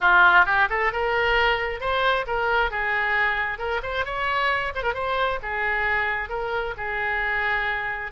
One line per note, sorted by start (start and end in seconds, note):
0.00 0.45 F4
0.45 0.68 G4
0.69 0.92 A4
0.92 1.80 A#4
1.80 2.25 C5
2.26 2.70 A#4
2.70 3.58 G#4
3.58 3.80 A#4
3.82 4.05 C5
4.05 4.72 C#5
4.75 4.82 C5
4.82 4.94 A#4
4.94 5.39 C5
5.42 6.29 G#4
6.29 6.74 A#4
6.77 8.11 G#4